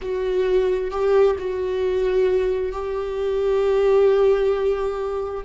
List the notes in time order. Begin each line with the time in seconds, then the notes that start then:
0.01 F#4
0.90 G4
1.38 F#4
2.71 G4